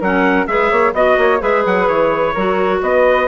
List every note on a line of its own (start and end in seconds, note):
0.00 0.47 F#3
0.00 0.47 C#4
0.00 0.47 A#4
0.00 0.47 F#5
0.47 0.71 G#3
0.47 0.94 G#4
0.47 0.70 B4
0.47 0.94 E5
0.70 0.93 A#3
0.70 0.94 C#5
0.93 1.17 B3
0.93 1.40 F#4
0.93 1.18 D#5
0.93 1.42 D#5
1.18 1.41 A#3
1.18 1.42 C#5
1.40 1.65 G#3
1.40 2.33 G#4
1.40 2.34 B4
1.40 1.65 E5
1.66 1.88 F#3
1.66 1.88 F#5
1.88 2.35 E3
1.88 2.82 C#5
2.34 2.82 F#3
2.34 3.27 F#4
2.34 2.80 A#4
2.82 3.27 B3
2.82 3.27 B4
2.82 3.27 D#5